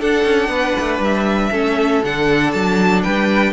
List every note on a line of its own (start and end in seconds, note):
0.00 1.52 D4
0.00 0.24 D4
0.00 0.49 A4
0.00 1.02 F#5
0.24 0.48 C#4
0.48 0.73 B3
0.48 1.50 B4
0.79 0.99 A3
0.99 1.49 G3
0.99 2.04 E5
1.51 2.02 A3
1.51 2.02 C#4
1.51 3.03 A4
2.04 2.54 D3
2.04 3.52 D4
2.04 2.51 F#5
2.51 3.04 F#3
2.51 3.02 A5
3.02 3.52 G3
3.02 3.52 B4
3.02 3.52 G5